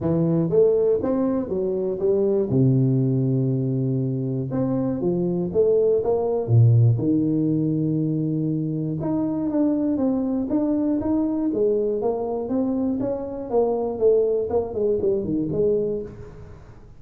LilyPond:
\new Staff \with { instrumentName = "tuba" } { \time 4/4 \tempo 4 = 120 e4 a4 c'4 fis4 | g4 c2.~ | c4 c'4 f4 a4 | ais4 ais,4 dis2~ |
dis2 dis'4 d'4 | c'4 d'4 dis'4 gis4 | ais4 c'4 cis'4 ais4 | a4 ais8 gis8 g8 dis8 gis4 | }